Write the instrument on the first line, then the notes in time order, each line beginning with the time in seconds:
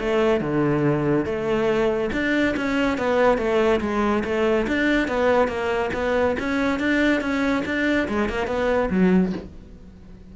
cello
0.00 A3
0.41 D3
1.26 A3
2.13 D4
2.57 C#4
2.98 B3
3.38 A3
3.81 G#3
4.25 A3
4.68 D4
5.08 B3
5.48 A#3
5.94 B3
6.40 C#4
6.79 D4
7.21 C#4
7.66 D4
8.09 G#3
8.29 A#3
8.47 B3
8.91 F#3